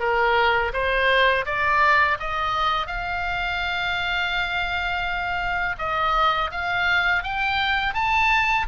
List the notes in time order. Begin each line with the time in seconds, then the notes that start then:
0.00 A#4
0.73 C5
1.46 D5
2.19 D#5
2.87 F5
5.79 D#5
6.51 F5
7.23 G5
7.94 A5